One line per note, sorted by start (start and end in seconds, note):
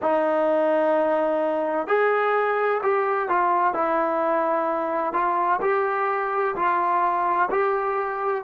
0.02 1.87 D#4
1.87 2.81 G#4
2.82 3.29 G4
3.29 3.73 F4
3.73 5.13 E4
5.13 5.60 F4
5.61 6.55 G4
6.55 7.49 F4
7.50 8.44 G4